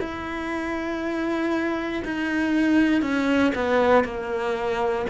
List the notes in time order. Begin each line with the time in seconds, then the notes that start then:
0.00 E4
2.05 D#4
3.02 C#4
3.55 B3
4.04 A#3